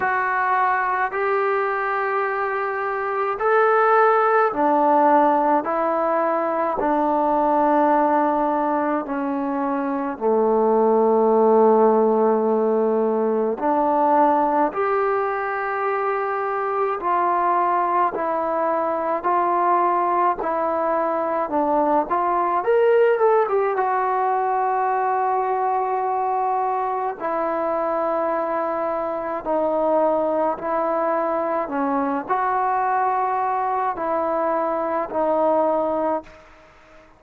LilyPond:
\new Staff \with { instrumentName = "trombone" } { \time 4/4 \tempo 4 = 53 fis'4 g'2 a'4 | d'4 e'4 d'2 | cis'4 a2. | d'4 g'2 f'4 |
e'4 f'4 e'4 d'8 f'8 | ais'8 a'16 g'16 fis'2. | e'2 dis'4 e'4 | cis'8 fis'4. e'4 dis'4 | }